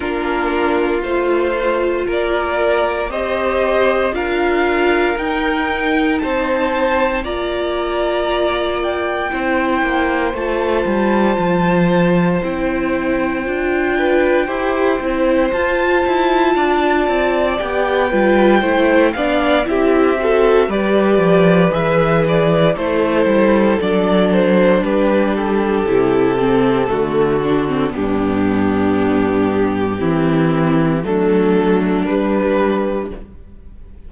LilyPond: <<
  \new Staff \with { instrumentName = "violin" } { \time 4/4 \tempo 4 = 58 ais'4 c''4 d''4 dis''4 | f''4 g''4 a''4 ais''4~ | ais''8 g''4. a''2 | g''2. a''4~ |
a''4 g''4. f''8 e''4 | d''4 e''8 d''8 c''4 d''8 c''8 | b'8 a'2~ a'8 g'4~ | g'2 a'4 b'4 | }
  \new Staff \with { instrumentName = "violin" } { \time 4/4 f'2 ais'4 c''4 | ais'2 c''4 d''4~ | d''4 c''2.~ | c''4. b'8 c''2 |
d''4. b'8 c''8 d''8 g'8 a'8 | b'2 a'2 | g'2 fis'4 d'4~ | d'4 e'4 d'2 | }
  \new Staff \with { instrumentName = "viola" } { \time 4/4 d'4 f'2 g'4 | f'4 dis'2 f'4~ | f'4 e'4 f'2 | e'4 f'4 g'8 e'8 f'4~ |
f'4 g'8 f'8 e'8 d'8 e'8 fis'8 | g'4 gis'4 e'4 d'4~ | d'4 e'8 c'8 a8 d'16 c'16 b4~ | b4 c'4 a4 g4 | }
  \new Staff \with { instrumentName = "cello" } { \time 4/4 ais4 a4 ais4 c'4 | d'4 dis'4 c'4 ais4~ | ais4 c'8 ais8 a8 g8 f4 | c'4 d'4 e'8 c'8 f'8 e'8 |
d'8 c'8 b8 g8 a8 b8 c'4 | g8 f8 e4 a8 g8 fis4 | g4 c4 d4 g,4~ | g,4 e4 fis4 g4 | }
>>